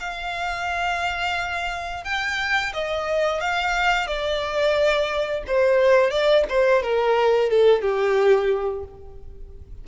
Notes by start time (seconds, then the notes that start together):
0.00 F5
2.05 G5
2.74 D#5
3.41 F5
4.07 D5
5.47 C5
6.11 D5
6.49 C5
6.83 A#4
7.50 A4
7.82 G4